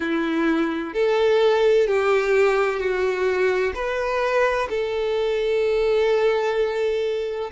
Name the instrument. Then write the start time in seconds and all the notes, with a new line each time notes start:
violin
0.00 E4
0.93 A4
1.87 G4
2.79 F#4
3.74 B4
4.69 A4